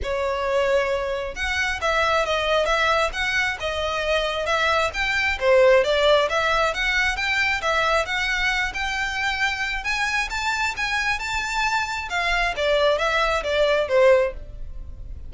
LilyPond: \new Staff \with { instrumentName = "violin" } { \time 4/4 \tempo 4 = 134 cis''2. fis''4 | e''4 dis''4 e''4 fis''4 | dis''2 e''4 g''4 | c''4 d''4 e''4 fis''4 |
g''4 e''4 fis''4. g''8~ | g''2 gis''4 a''4 | gis''4 a''2 f''4 | d''4 e''4 d''4 c''4 | }